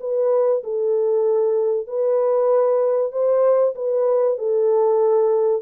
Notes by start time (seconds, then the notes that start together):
0.00 B4
0.63 A4
1.87 B4
3.12 C5
3.75 B4
4.38 A4